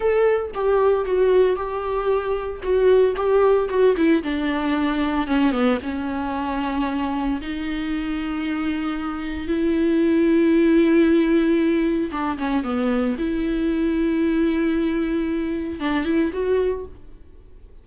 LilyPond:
\new Staff \with { instrumentName = "viola" } { \time 4/4 \tempo 4 = 114 a'4 g'4 fis'4 g'4~ | g'4 fis'4 g'4 fis'8 e'8 | d'2 cis'8 b8 cis'4~ | cis'2 dis'2~ |
dis'2 e'2~ | e'2. d'8 cis'8 | b4 e'2.~ | e'2 d'8 e'8 fis'4 | }